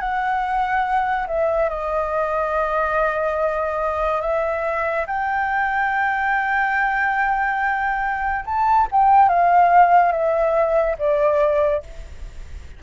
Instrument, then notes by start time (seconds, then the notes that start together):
flute
0.00 F#5
1.27 E5
1.69 D#5
4.21 E5
5.07 G5
8.45 A5
8.92 G5
9.29 F5
10.12 E5
10.98 D5